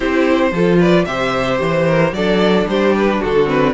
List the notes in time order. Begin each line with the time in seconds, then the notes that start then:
0.00 C4 E4 G4 C5
0.51 F3 F4 A4
0.78 B4 D5
1.05 C3 G4 C5 E5
1.60 E3 C5
1.86 A#4
2.12 F#3 D4 A4 D5
2.67 G3 G4 C5
2.96 B4
3.20 D3 F#4 A4
3.45 C4 B4